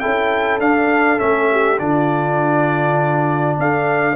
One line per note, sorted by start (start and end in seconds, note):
0.00 0.61 C#4
0.00 0.60 E4
0.00 1.50 A4
0.00 0.59 G5
0.60 1.18 D4
0.60 1.20 D4
0.60 1.19 F5
1.18 1.80 A3
1.18 1.78 C#4
1.18 1.79 E5
1.52 1.82 G4
1.79 3.58 D3
1.79 4.16 D4
1.79 3.60 F4
1.79 3.58 D5
3.59 4.16 D4
3.59 4.16 A4
3.59 4.16 F5